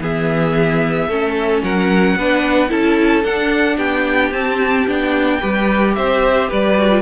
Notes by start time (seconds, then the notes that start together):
0.00 E3 B3 G#4 E5
1.09 A3 C#4 A4
1.64 F#3 A#4 F#5
2.16 B3 D4 B4
2.69 C#4 E4 A4 A5
3.25 D4 F#5
3.77 B3 G4 G5
4.32 C4 A5
4.87 B3 D4 G5
5.41 G3 G4 B4
5.95 C4 C5 E5
6.49 G3 B4 D5
6.79 F#4
6.91 F4